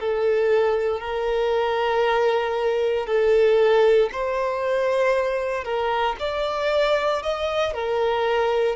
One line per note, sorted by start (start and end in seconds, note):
0.00 1.01 A4
1.01 3.07 A#4
3.07 4.10 A4
4.12 5.64 C5
5.64 6.16 A#4
6.20 7.23 D5
7.23 7.74 D#5
7.74 8.76 A#4